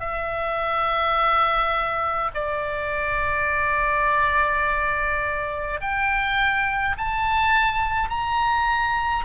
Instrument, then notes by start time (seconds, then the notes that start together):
oboe
0.00 E5
2.34 D5
5.81 G5
6.98 A5
8.09 A#5